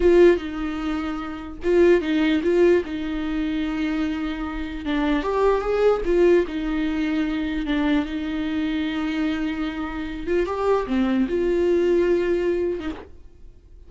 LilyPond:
\new Staff \with { instrumentName = "viola" } { \time 4/4 \tempo 4 = 149 f'4 dis'2. | f'4 dis'4 f'4 dis'4~ | dis'1 | d'4 g'4 gis'4 f'4 |
dis'2. d'4 | dis'1~ | dis'4. f'8 g'4 c'4 | f'2.~ f'8. dis'16 | }